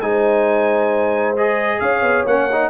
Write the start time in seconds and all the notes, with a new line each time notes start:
0.00 G#3 D#4 C5 G#5
1.36 G#4 D#5
1.79 C#4 C#5 F5
2.02 B3
2.25 A#3 C#4 F#5
2.52 D#4